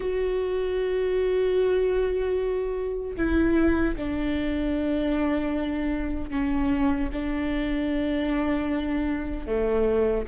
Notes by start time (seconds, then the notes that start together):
0.00 F#4
3.16 E4
3.95 D4
6.30 C#4
7.12 D4
9.46 A3